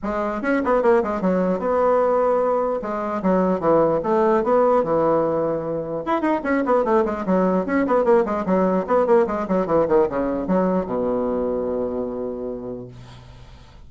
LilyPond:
\new Staff \with { instrumentName = "bassoon" } { \time 4/4 \tempo 4 = 149 gis4 cis'8 b8 ais8 gis8 fis4 | b2. gis4 | fis4 e4 a4 b4 | e2. e'8 dis'8 |
cis'8 b8 a8 gis8 fis4 cis'8 b8 | ais8 gis8 fis4 b8 ais8 gis8 fis8 | e8 dis8 cis4 fis4 b,4~ | b,1 | }